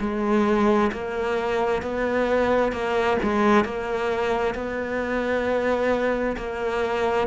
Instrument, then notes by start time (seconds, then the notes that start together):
cello
0.00 G#3
0.93 A#3
1.82 B3
2.72 A#3
3.22 G#3
3.64 A#3
4.55 B3
6.37 A#3